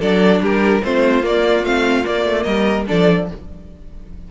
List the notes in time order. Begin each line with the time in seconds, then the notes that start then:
0.00 F#3 D4 A4 D5
0.41 G3 G4 A#4
0.84 A3 C4 F4 C5
1.23 A#3 D5
1.64 A3 C4 F5
2.05 A#3 D5
2.26 A3
2.44 G3 A#4 D#5
2.87 F3 D4 A4 D5